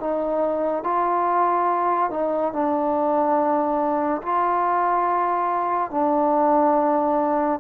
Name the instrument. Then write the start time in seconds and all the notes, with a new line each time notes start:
trombone
0.00 D#4
0.84 F4
2.11 D#4
2.53 D4
4.23 F4
5.91 D4